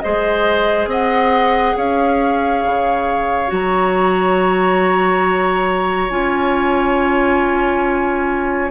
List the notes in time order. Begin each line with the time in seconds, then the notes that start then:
0.00 G#3 G#4 C5 D#5
0.86 C4 D#5 F#5
1.77 C#4 C#5 F5
2.65 C#3
3.48 F#3 F#4 A#5
6.10 C#4 F4 G#5